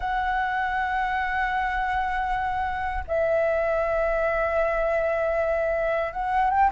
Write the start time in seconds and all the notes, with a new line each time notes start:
0.00 F#5
3.07 E5
6.13 F#5
6.50 G5